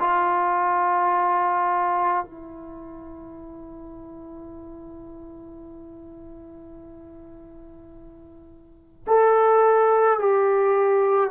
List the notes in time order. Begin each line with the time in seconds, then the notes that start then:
0.00 F4
2.25 E4
9.07 A4
10.19 G4